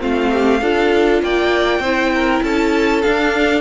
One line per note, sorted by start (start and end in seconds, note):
0.00 0.62 A3
0.00 0.61 C4
0.00 0.32 F4
0.00 1.23 F5
0.33 0.62 G4
0.62 1.23 D4
0.62 1.84 F4
0.62 1.22 A4
1.23 1.80 A#3
1.23 1.81 D5
1.23 2.44 G5
1.80 2.41 C4
1.80 3.04 E4
1.80 2.11 C5
2.15 2.44 A#4
2.43 3.04 C#4
2.43 3.61 A4
2.43 3.02 A5
3.02 3.61 D4
3.02 3.61 F5